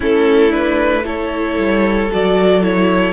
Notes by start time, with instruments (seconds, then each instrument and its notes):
0.00 cello A3, viola C#4, violin E4 A4
0.50 viola D4, violin B4
1.03 viola E4, violin A4 C#5
1.57 cello G3
2.11 cello F#3, viola F#4, violin D5
2.61 viola E4, violin C#5